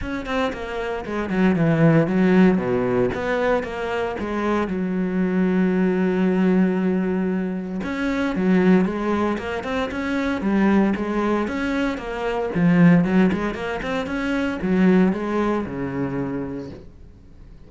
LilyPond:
\new Staff \with { instrumentName = "cello" } { \time 4/4 \tempo 4 = 115 cis'8 c'8 ais4 gis8 fis8 e4 | fis4 b,4 b4 ais4 | gis4 fis2.~ | fis2. cis'4 |
fis4 gis4 ais8 c'8 cis'4 | g4 gis4 cis'4 ais4 | f4 fis8 gis8 ais8 c'8 cis'4 | fis4 gis4 cis2 | }